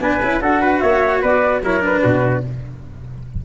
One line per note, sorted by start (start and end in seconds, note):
0.00 0.20 B3
0.00 0.21 D4
0.00 0.42 B4
0.00 0.41 G#5
0.23 0.41 C#4
0.23 0.40 E4
0.40 0.82 D4
0.40 1.62 F#4
0.40 0.62 A4
0.40 0.80 F#5
0.62 0.82 B4
0.80 1.23 A#3
0.80 1.22 C#5
0.80 1.21 E5
1.22 1.63 B3
1.22 1.62 B4
1.22 1.64 D5
1.63 2.04 F#3
1.63 1.80 E4
1.63 2.03 A#4
1.63 1.85 C#5
1.80 2.41 D4
1.80 2.45 B4
2.03 2.45 B2
2.03 2.44 F#4